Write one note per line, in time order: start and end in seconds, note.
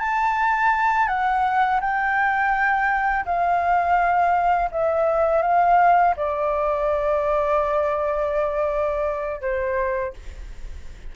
0.00 1.08 A5
1.08 1.80 F#5
1.81 3.26 G5
3.26 4.70 F5
4.72 5.43 E5
5.43 6.15 F5
6.17 9.41 D5
9.41 10.14 C5